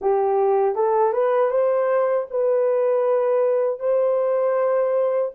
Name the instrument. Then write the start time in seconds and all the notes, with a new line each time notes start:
horn
0.01 G4
0.75 A4
1.13 B4
1.51 C5
2.30 B4
3.79 C5